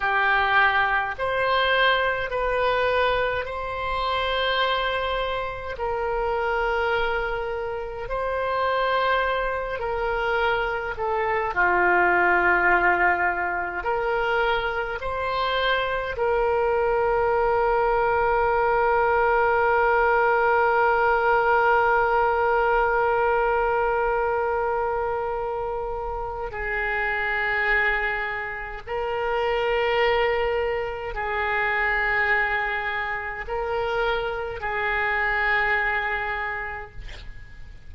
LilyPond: \new Staff \with { instrumentName = "oboe" } { \time 4/4 \tempo 4 = 52 g'4 c''4 b'4 c''4~ | c''4 ais'2 c''4~ | c''8 ais'4 a'8 f'2 | ais'4 c''4 ais'2~ |
ais'1~ | ais'2. gis'4~ | gis'4 ais'2 gis'4~ | gis'4 ais'4 gis'2 | }